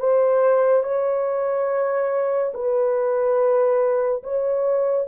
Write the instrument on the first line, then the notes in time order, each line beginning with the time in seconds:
horn
0.00 C5
0.83 C#5
2.54 B4
4.23 C#5